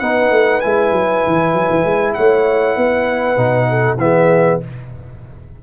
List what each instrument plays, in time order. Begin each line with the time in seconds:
0.00 tuba B3, trombone D#4, horn B4, trumpet F#5
0.31 tuba A3
0.61 tuba G#3, trombone E4, trumpet G#5
0.91 tuba F#3
1.27 tuba E3
1.54 tuba F#3
1.71 tuba E3
1.84 tuba G#3
2.14 tuba A3, horn C#5, trumpet F#5
2.77 tuba B3, horn B4
3.37 tuba B2, trombone D#4
3.70 horn A4
3.97 tuba E3, trombone B3, horn G#4, trumpet E5